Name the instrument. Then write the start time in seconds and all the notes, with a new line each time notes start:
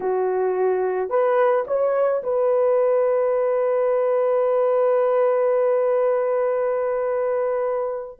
horn
0.00 F#4
1.09 B4
1.67 C#5
2.23 B4